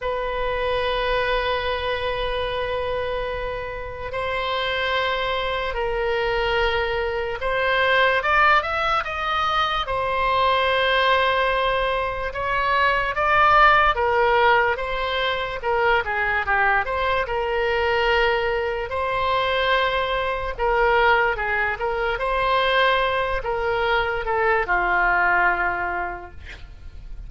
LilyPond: \new Staff \with { instrumentName = "oboe" } { \time 4/4 \tempo 4 = 73 b'1~ | b'4 c''2 ais'4~ | ais'4 c''4 d''8 e''8 dis''4 | c''2. cis''4 |
d''4 ais'4 c''4 ais'8 gis'8 | g'8 c''8 ais'2 c''4~ | c''4 ais'4 gis'8 ais'8 c''4~ | c''8 ais'4 a'8 f'2 | }